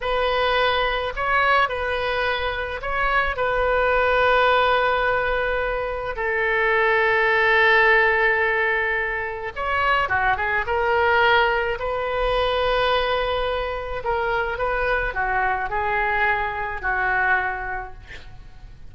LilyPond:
\new Staff \with { instrumentName = "oboe" } { \time 4/4 \tempo 4 = 107 b'2 cis''4 b'4~ | b'4 cis''4 b'2~ | b'2. a'4~ | a'1~ |
a'4 cis''4 fis'8 gis'8 ais'4~ | ais'4 b'2.~ | b'4 ais'4 b'4 fis'4 | gis'2 fis'2 | }